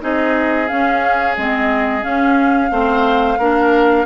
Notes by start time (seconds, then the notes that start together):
0.00 C4 D#4 G#4 D#5
0.67 C#4 F5
1.36 G#3 C4 D#5
2.01 C#4 F5
2.70 A3 C4 C5
3.38 A#3 D4 A#4